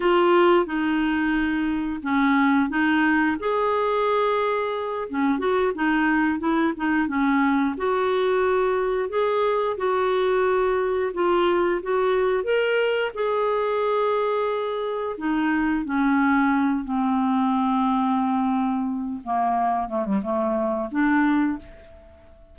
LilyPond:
\new Staff \with { instrumentName = "clarinet" } { \time 4/4 \tempo 4 = 89 f'4 dis'2 cis'4 | dis'4 gis'2~ gis'8 cis'8 | fis'8 dis'4 e'8 dis'8 cis'4 fis'8~ | fis'4. gis'4 fis'4.~ |
fis'8 f'4 fis'4 ais'4 gis'8~ | gis'2~ gis'8 dis'4 cis'8~ | cis'4 c'2.~ | c'8 ais4 a16 g16 a4 d'4 | }